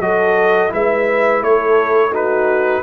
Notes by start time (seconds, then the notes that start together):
0.00 F#3 F#4 A4 D#5
0.70 G#3 E4 B4 E5
1.41 A3 A4 C#5
2.12 D#4 F#4 B4